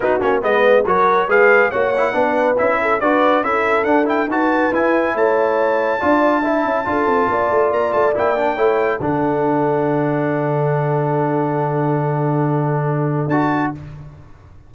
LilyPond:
<<
  \new Staff \with { instrumentName = "trumpet" } { \time 4/4 \tempo 4 = 140 b'8 cis''8 dis''4 cis''4 f''4 | fis''2 e''4 d''4 | e''4 fis''8 g''8 a''4 gis''4 | a''1~ |
a''2 ais''8 a''8 g''4~ | g''4 fis''2.~ | fis''1~ | fis''2. a''4 | }
  \new Staff \with { instrumentName = "horn" } { \time 4/4 fis'4 b'4 ais'4 b'4 | cis''4 b'4. a'8 b'4 | a'2 b'2 | cis''2 d''4 e''4 |
a'4 d''2. | cis''4 a'2.~ | a'1~ | a'1 | }
  \new Staff \with { instrumentName = "trombone" } { \time 4/4 dis'8 cis'8 b4 fis'4 gis'4 | fis'8 e'8 d'4 e'4 fis'4 | e'4 d'8 e'8 fis'4 e'4~ | e'2 f'4 e'4 |
f'2. e'8 d'8 | e'4 d'2.~ | d'1~ | d'2. fis'4 | }
  \new Staff \with { instrumentName = "tuba" } { \time 4/4 b8 ais8 gis4 fis4 gis4 | ais4 b4 cis'4 d'4 | cis'4 d'4 dis'4 e'4 | a2 d'4. cis'8 |
d'8 c'8 ais8 a8 ais8 a8 ais4 | a4 d2.~ | d1~ | d2. d'4 | }
>>